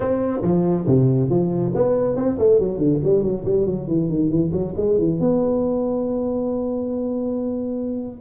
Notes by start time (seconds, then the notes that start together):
0.00 C4
0.42 F3
0.87 C3
1.29 F3
1.74 B3
2.16 C4
2.38 A3
2.59 F#3
2.78 D3
3.03 G3
3.22 F#3
3.44 G3
3.66 F#3
3.87 E3
4.09 D#3
4.30 E3
4.52 F#3
4.76 G#3
4.98 E3
5.19 B3